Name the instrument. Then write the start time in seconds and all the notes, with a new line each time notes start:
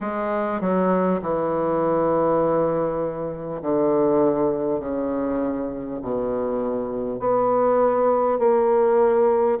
bassoon
0.00 G#3
0.61 F#3
1.21 E3
3.62 D3
4.80 C#3
6.02 B2
7.19 B3
8.38 A#3